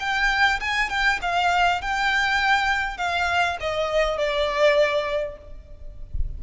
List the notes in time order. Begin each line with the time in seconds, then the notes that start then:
0.00 G5
0.61 G#5
0.90 G5
1.22 F5
1.82 G5
2.98 F5
3.61 D#5
4.18 D5